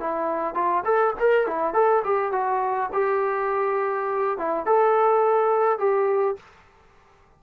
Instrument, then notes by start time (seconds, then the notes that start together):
trombone
0.00 E4
0.54 F4
0.84 A4
1.19 A#4
1.47 E4
1.73 A4
2.04 G4
2.32 F#4
2.92 G4
4.38 E4
4.66 A4
5.78 G4